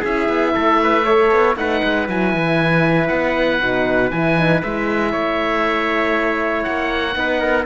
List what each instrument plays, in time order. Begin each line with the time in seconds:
0.00 cello C#4, horn E4, trumpet G#4, oboe E5
0.28 cello B3
0.54 cello A3, trumpet A4
0.83 trumpet B4
1.04 horn A4, trumpet C#5
1.31 cello B3
1.56 cello A3, horn D#4, trumpet B4, oboe F#5
1.83 cello G#3
2.08 cello F#3, horn E4, oboe G#5
2.33 cello E3
3.08 cello B3, oboe F#5
3.60 cello B2, horn D#4
4.10 cello E3, horn E4, oboe G#5
4.36 horn D#4
4.62 cello G#3, horn E4, oboe E5
5.11 cello A3, trumpet C#5
6.63 cello A#3, oboe F#5
7.14 cello B3, horn D#4, trumpet B4
7.40 trumpet A#4